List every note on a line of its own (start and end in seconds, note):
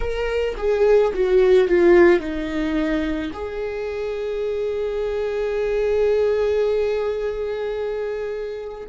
0.00 0.55 A#4
0.57 1.13 G#4
1.13 1.68 F#4
1.68 2.20 F4
2.20 3.31 D#4
3.33 8.88 G#4